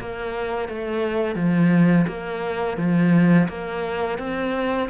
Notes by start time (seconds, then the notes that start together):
0.00 A#3
0.68 A3
1.35 F3
2.07 A#3
2.77 F3
3.48 A#3
4.18 C4